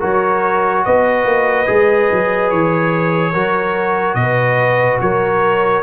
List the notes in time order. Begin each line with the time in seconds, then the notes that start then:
0.00 F#3 F#4 A#4 C#5
0.85 B3 B4 D#5
1.25 A#3
1.67 G#3 G#4
2.12 F#3
2.51 E3 C#5
3.33 F#3 F#4 A#4
4.15 B2 B4 D#5
5.01 F#3 A#4 C#5